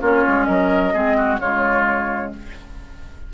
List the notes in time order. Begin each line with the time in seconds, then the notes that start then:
0.00 A#3 C#4 F4 C#5
0.27 G#3
0.43 F#3 A#4 D#5
0.93 G#3 C4 G#4
1.17 F#4
1.39 C#3 G#3 F4 C#5